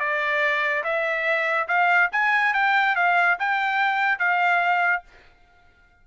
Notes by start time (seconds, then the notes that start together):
0.00 D5
0.84 E5
1.69 F5
2.12 G#5
2.54 G5
2.96 F5
3.40 G5
4.19 F5